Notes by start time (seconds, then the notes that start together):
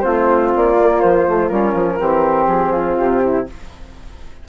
0.00 A3 C4 F4 C5
0.56 A#3 D5
0.80 A#3
1.01 F3 C5
1.27 A3
1.49 G3 C#4 A#4
1.74 F3
2.00 E3 C4 G4
2.47 F3 G#4
2.72 F4
2.97 C3 G4
3.23 E4